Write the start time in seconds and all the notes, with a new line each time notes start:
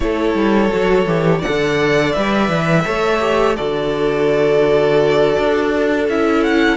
0.00 A3 E4 A4 C#5
0.34 G3
0.70 F#3 F#4
1.06 E3 G4
1.38 A4 D5 F#5
1.47 D3
2.12 G3 B4 E5
2.49 E3
2.85 A3 A4 C#5
3.19 G4
3.56 D3 F#4 A4 D5
5.38 D4
6.07 C#4 E4 E5
6.43 F#5